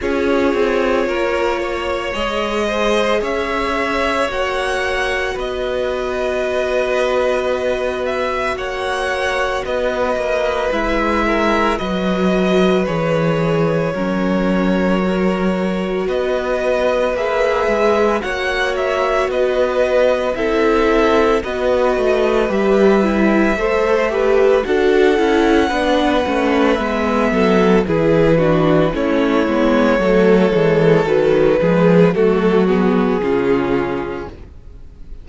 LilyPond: <<
  \new Staff \with { instrumentName = "violin" } { \time 4/4 \tempo 4 = 56 cis''2 dis''4 e''4 | fis''4 dis''2~ dis''8 e''8 | fis''4 dis''4 e''4 dis''4 | cis''2. dis''4 |
e''4 fis''8 e''8 dis''4 e''4 | dis''4 e''2 fis''4~ | fis''4 e''4 b'4 cis''4~ | cis''4 b'4 a'8 gis'4. | }
  \new Staff \with { instrumentName = "violin" } { \time 4/4 gis'4 ais'8 cis''4 c''8 cis''4~ | cis''4 b'2. | cis''4 b'4. ais'8 b'4~ | b'4 ais'2 b'4~ |
b'4 cis''4 b'4 a'4 | b'2 c''8 b'8 a'4 | b'4. a'8 gis'8 fis'8 e'4 | a'4. gis'8 fis'4 f'4 | }
  \new Staff \with { instrumentName = "viola" } { \time 4/4 f'2 gis'2 | fis'1~ | fis'2 e'4 fis'4 | gis'4 cis'4 fis'2 |
gis'4 fis'2 e'4 | fis'4 g'8 e'8 a'8 g'8 fis'8 e'8 | d'8 cis'8 b4 e'8 d'8 cis'8 b8 | a8 gis8 fis8 gis8 a8 b8 cis'4 | }
  \new Staff \with { instrumentName = "cello" } { \time 4/4 cis'8 c'8 ais4 gis4 cis'4 | ais4 b2. | ais4 b8 ais8 gis4 fis4 | e4 fis2 b4 |
ais8 gis8 ais4 b4 c'4 | b8 a8 g4 a4 d'8 cis'8 | b8 a8 gis8 fis8 e4 a8 gis8 | fis8 e8 dis8 f8 fis4 cis4 | }
>>